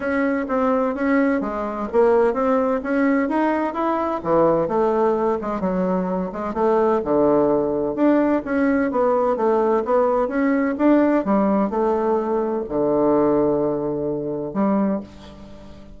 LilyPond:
\new Staff \with { instrumentName = "bassoon" } { \time 4/4 \tempo 4 = 128 cis'4 c'4 cis'4 gis4 | ais4 c'4 cis'4 dis'4 | e'4 e4 a4. gis8 | fis4. gis8 a4 d4~ |
d4 d'4 cis'4 b4 | a4 b4 cis'4 d'4 | g4 a2 d4~ | d2. g4 | }